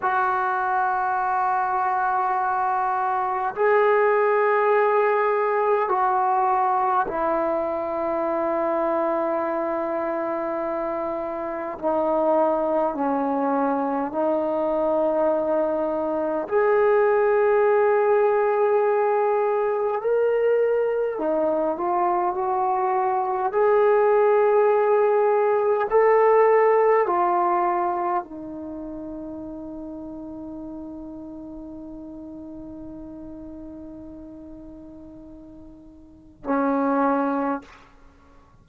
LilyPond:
\new Staff \with { instrumentName = "trombone" } { \time 4/4 \tempo 4 = 51 fis'2. gis'4~ | gis'4 fis'4 e'2~ | e'2 dis'4 cis'4 | dis'2 gis'2~ |
gis'4 ais'4 dis'8 f'8 fis'4 | gis'2 a'4 f'4 | dis'1~ | dis'2. cis'4 | }